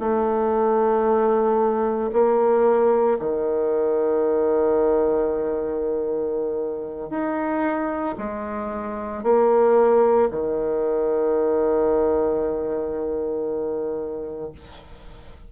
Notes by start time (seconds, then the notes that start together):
0.00 A3
2.13 A#3
3.20 D#3
7.11 D#4
8.19 G#3
9.24 A#3
10.31 D#3